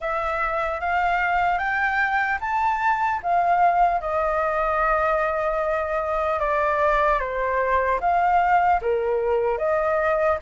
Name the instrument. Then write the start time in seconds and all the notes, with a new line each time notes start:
flute
0.00 E5
0.80 F5
1.58 G5
2.40 A5
3.23 F5
4.00 D#5
6.39 D5
7.19 C5
8.00 F5
8.81 A#4
9.57 D#5